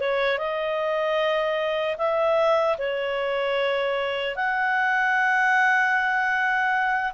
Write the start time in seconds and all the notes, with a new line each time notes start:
0.00 C#5
0.38 D#5
1.98 E5
2.78 C#5
4.36 F#5